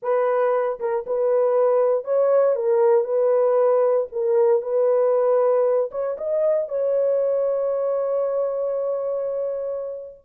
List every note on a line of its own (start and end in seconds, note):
0.02 0.79 B4
0.79 1.05 A#4
1.06 2.04 B4
2.04 2.55 C#5
2.55 3.04 A#4
3.04 4.07 B4
4.12 4.62 A#4
4.62 5.90 B4
5.91 6.17 C#5
6.17 6.68 D#5
6.68 10.25 C#5